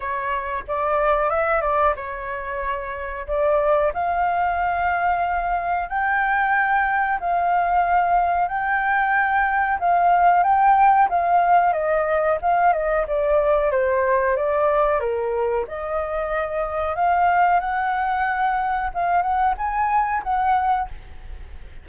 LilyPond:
\new Staff \with { instrumentName = "flute" } { \time 4/4 \tempo 4 = 92 cis''4 d''4 e''8 d''8 cis''4~ | cis''4 d''4 f''2~ | f''4 g''2 f''4~ | f''4 g''2 f''4 |
g''4 f''4 dis''4 f''8 dis''8 | d''4 c''4 d''4 ais'4 | dis''2 f''4 fis''4~ | fis''4 f''8 fis''8 gis''4 fis''4 | }